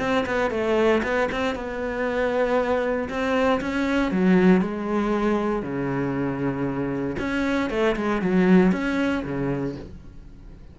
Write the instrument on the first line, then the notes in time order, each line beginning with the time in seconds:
cello
0.00 C4
0.26 B3
0.51 A3
1.03 B3
1.32 C4
1.55 B3
3.10 C4
3.61 C#4
4.12 F#3
4.62 G#3
5.63 C#3
7.19 C#4
7.70 A3
7.96 G#3
8.22 F#3
8.72 C#4
9.24 C#3